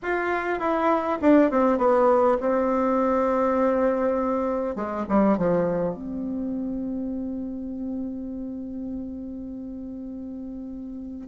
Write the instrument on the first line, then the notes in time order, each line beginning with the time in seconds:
bassoon
0.02 F4
0.59 E4
1.21 D4
1.50 C4
1.78 B3
2.40 C4
4.75 G#3
5.08 G3
5.37 F3
5.94 C4